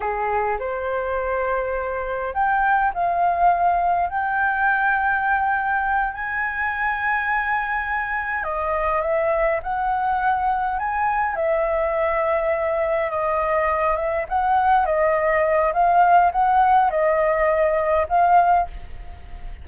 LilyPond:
\new Staff \with { instrumentName = "flute" } { \time 4/4 \tempo 4 = 103 gis'4 c''2. | g''4 f''2 g''4~ | g''2~ g''8 gis''4.~ | gis''2~ gis''8 dis''4 e''8~ |
e''8 fis''2 gis''4 e''8~ | e''2~ e''8 dis''4. | e''8 fis''4 dis''4. f''4 | fis''4 dis''2 f''4 | }